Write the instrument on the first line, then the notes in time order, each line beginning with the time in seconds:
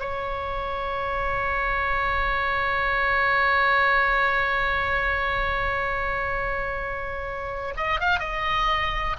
oboe
0.00 C#5
7.77 D#5
8.00 F5
8.19 D#5